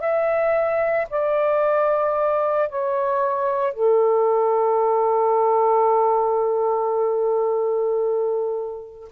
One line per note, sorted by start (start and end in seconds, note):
0.00 1.07 E5
1.09 2.68 D5
2.68 3.73 C#5
3.73 9.09 A4